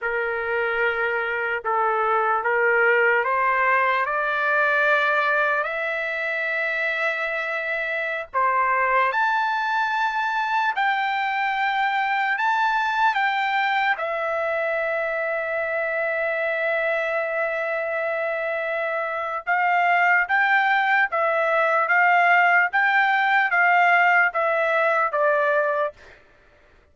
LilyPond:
\new Staff \with { instrumentName = "trumpet" } { \time 4/4 \tempo 4 = 74 ais'2 a'4 ais'4 | c''4 d''2 e''4~ | e''2~ e''16 c''4 a''8.~ | a''4~ a''16 g''2 a''8.~ |
a''16 g''4 e''2~ e''8.~ | e''1 | f''4 g''4 e''4 f''4 | g''4 f''4 e''4 d''4 | }